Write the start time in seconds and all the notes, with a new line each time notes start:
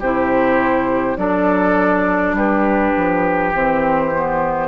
0.00 C3 E4 G4 C5
1.17 F#3 D4 A4 D5
2.33 G3 G4 B4
2.97 F3
3.54 E3 C4 C5
4.15 B3